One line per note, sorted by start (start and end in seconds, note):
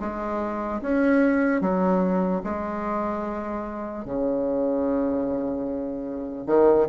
0.00 0.81 G#3
0.81 1.61 C#4
1.61 2.42 F#3
2.44 4.05 G#3
4.05 6.46 C#3
6.46 6.87 D#3